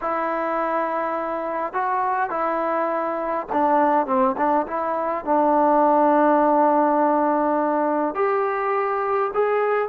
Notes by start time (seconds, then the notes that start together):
0.01 E4
1.73 F#4
2.30 E4
3.52 D4
4.06 C4
4.37 D4
4.67 E4
5.24 D4
8.14 G4
9.34 G#4